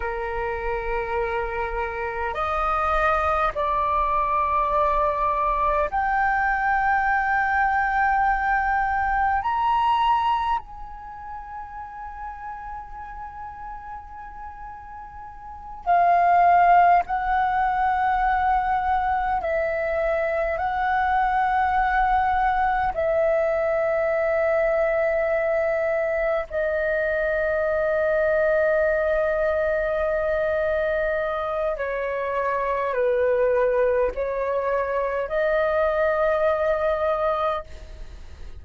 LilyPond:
\new Staff \with { instrumentName = "flute" } { \time 4/4 \tempo 4 = 51 ais'2 dis''4 d''4~ | d''4 g''2. | ais''4 gis''2.~ | gis''4. f''4 fis''4.~ |
fis''8 e''4 fis''2 e''8~ | e''2~ e''8 dis''4.~ | dis''2. cis''4 | b'4 cis''4 dis''2 | }